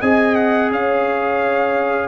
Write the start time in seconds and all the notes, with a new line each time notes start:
0.00 C4 G#4 D#5 G#5
0.36 F#5
0.71 C#4 C#5 F5